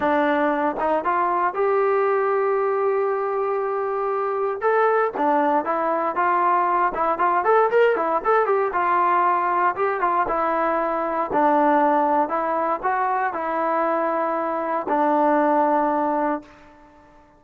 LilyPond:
\new Staff \with { instrumentName = "trombone" } { \time 4/4 \tempo 4 = 117 d'4. dis'8 f'4 g'4~ | g'1~ | g'4 a'4 d'4 e'4 | f'4. e'8 f'8 a'8 ais'8 e'8 |
a'8 g'8 f'2 g'8 f'8 | e'2 d'2 | e'4 fis'4 e'2~ | e'4 d'2. | }